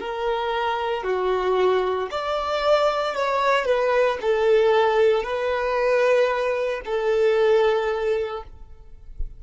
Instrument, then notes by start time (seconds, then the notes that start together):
violin
0.00 A#4
1.03 F#4
2.11 D5
3.15 C#5
3.65 B4
4.21 A4
5.23 B4
6.85 A4